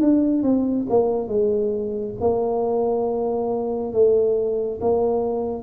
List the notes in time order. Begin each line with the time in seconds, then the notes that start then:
0.00 D4
0.43 C4
0.89 A#3
1.28 G#3
2.20 A#3
3.92 A3
4.81 A#3